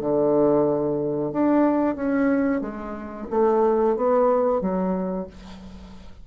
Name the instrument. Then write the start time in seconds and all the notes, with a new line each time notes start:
bassoon
0.00 D3
1.32 D4
1.95 C#4
2.61 G#3
3.30 A3
3.96 B3
4.61 F#3